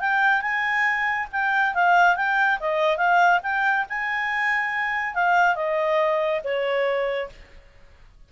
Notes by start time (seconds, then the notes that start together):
0.00 G5
0.42 G#5
1.32 G5
1.74 F5
2.16 G5
2.60 D#5
2.97 F5
3.43 G5
3.89 G#5
5.15 F5
5.55 D#5
6.44 C#5